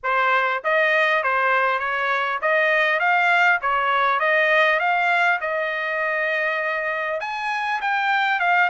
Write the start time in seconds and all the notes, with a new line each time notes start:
0.03 C5
0.64 D#5
1.23 C5
1.79 C#5
2.41 D#5
2.99 F5
3.61 C#5
4.19 D#5
4.79 F5
5.40 D#5
7.20 G#5
7.81 G5
8.39 F5